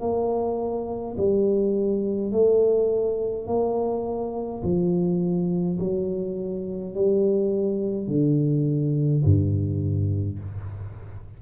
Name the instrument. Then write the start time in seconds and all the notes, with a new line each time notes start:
tuba
0.00 A#3
1.17 G3
2.32 A3
3.47 A#3
4.63 F3
5.79 F#3
6.94 G3
8.07 D3
9.24 G2